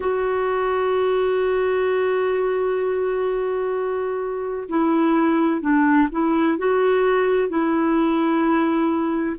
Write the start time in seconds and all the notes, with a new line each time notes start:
0.00 F#4
4.69 E4
5.61 D4
6.11 E4
6.58 F#4
7.48 E4